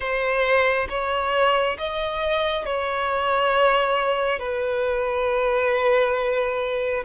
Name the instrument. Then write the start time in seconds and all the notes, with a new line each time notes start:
violin
0.00 C5
0.89 C#5
1.78 D#5
2.65 C#5
4.39 B4